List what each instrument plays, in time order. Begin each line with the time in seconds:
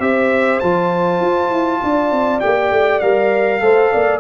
0.00 tuba C4, trombone G4, horn C5, trumpet E5
0.60 tuba F3, trombone F4, trumpet A5
1.21 tuba F4
1.50 tuba E4
1.83 tuba D4, horn D5
2.12 tuba C4
2.40 tuba A#3, trombone G4, trumpet G5
2.71 tuba A3
3.00 tuba G3, trombone A#4, trumpet F5
3.62 tuba A3, trombone A4, horn C5
3.92 tuba A#3, horn D5